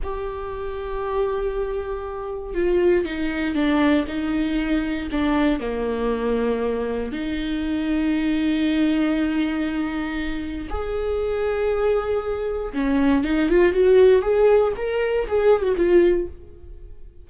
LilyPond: \new Staff \with { instrumentName = "viola" } { \time 4/4 \tempo 4 = 118 g'1~ | g'4 f'4 dis'4 d'4 | dis'2 d'4 ais4~ | ais2 dis'2~ |
dis'1~ | dis'4 gis'2.~ | gis'4 cis'4 dis'8 f'8 fis'4 | gis'4 ais'4 gis'8. fis'16 f'4 | }